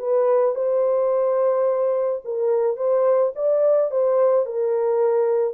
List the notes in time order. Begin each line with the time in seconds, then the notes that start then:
0.00 B4
0.56 C5
2.25 A#4
2.77 C5
3.36 D5
3.91 C5
4.46 A#4